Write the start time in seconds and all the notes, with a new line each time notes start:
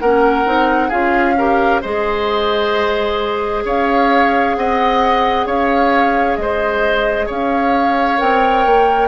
0.00 A#3 C#4 A#4 F#5
0.46 C4 D#4
0.88 C#4 F4 G#4 F5
1.38 G4 A#4
1.82 G#3 G#4 C5 D#5
3.65 C#4 C#5 F5
4.56 C4 D#5 F#5
5.46 C#4 C#5 F5
6.37 G#3 C5 D#5
7.27 C#4 C#5 F5
8.18 C4 A#4 G5
8.66 A#3